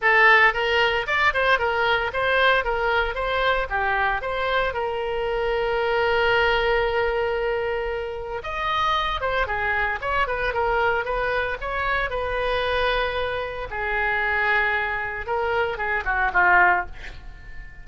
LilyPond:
\new Staff \with { instrumentName = "oboe" } { \time 4/4 \tempo 4 = 114 a'4 ais'4 d''8 c''8 ais'4 | c''4 ais'4 c''4 g'4 | c''4 ais'2.~ | ais'1 |
dis''4. c''8 gis'4 cis''8 b'8 | ais'4 b'4 cis''4 b'4~ | b'2 gis'2~ | gis'4 ais'4 gis'8 fis'8 f'4 | }